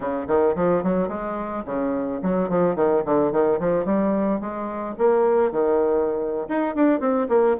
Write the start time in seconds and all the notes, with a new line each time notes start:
0.00 C#3
0.27 D#3
0.55 F3
0.83 F#3
1.08 G#3
1.65 C#3
2.22 F#3
2.49 F3
2.75 D#3
3.05 D3
3.32 D#3
3.59 F3
3.85 G3
4.40 G#3
4.98 A#3
5.51 D#3
6.48 D#4
6.75 D4
7.00 C4
7.29 A#3